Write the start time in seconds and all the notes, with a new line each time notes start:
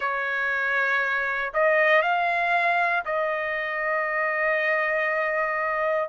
0.00 C#5
1.53 D#5
2.02 F5
3.05 D#5